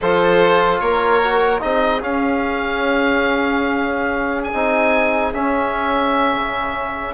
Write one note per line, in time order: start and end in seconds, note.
0.00 0.81 F3
0.00 1.22 F4
0.00 0.81 A4
0.00 0.80 C5
0.80 1.61 A#3
0.80 1.61 A#4
0.80 1.60 C#5
1.23 1.60 F#4
1.60 2.02 C4
1.60 2.00 D#4
1.60 7.14 G#4
1.60 2.02 D#5
2.01 4.52 C#4
2.01 4.53 C#4
2.01 4.43 F5
4.43 5.33 G#5
4.53 5.33 C4
4.53 5.33 D#4
5.33 7.14 C#4
5.33 6.34 C#4
5.33 7.14 E5
6.34 7.14 C#3